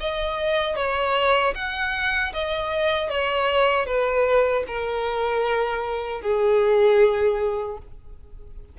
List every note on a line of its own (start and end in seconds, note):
0.00 0.76 D#5
0.76 1.54 C#5
1.55 2.33 F#5
2.33 3.10 D#5
3.10 3.86 C#5
3.86 4.64 B4
4.67 6.22 A#4
6.22 7.77 G#4